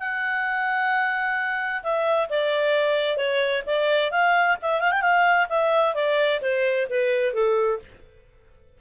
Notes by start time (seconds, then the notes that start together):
0.00 F#5
1.83 E5
2.30 D5
3.17 C#5
3.67 D5
4.12 F5
4.62 E5
4.81 F5
4.92 G5
5.02 F5
5.50 E5
5.95 D5
6.42 C5
6.90 B4
7.34 A4